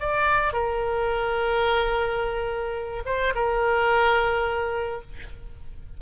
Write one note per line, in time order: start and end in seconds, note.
0.00 0.53 D5
0.53 3.03 A#4
3.06 3.33 C5
3.35 5.02 A#4